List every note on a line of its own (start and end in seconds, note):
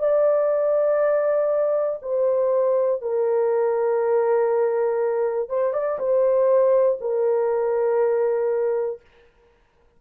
0.00 2.00 D5
2.02 3.02 C5
3.02 5.50 A#4
5.50 5.74 C5
5.74 5.99 D5
6.00 7.00 C5
7.01 9.01 A#4